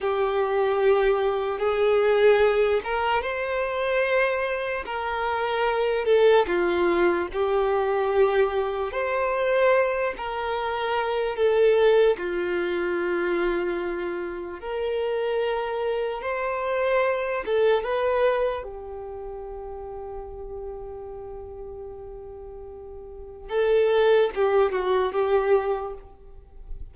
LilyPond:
\new Staff \with { instrumentName = "violin" } { \time 4/4 \tempo 4 = 74 g'2 gis'4. ais'8 | c''2 ais'4. a'8 | f'4 g'2 c''4~ | c''8 ais'4. a'4 f'4~ |
f'2 ais'2 | c''4. a'8 b'4 g'4~ | g'1~ | g'4 a'4 g'8 fis'8 g'4 | }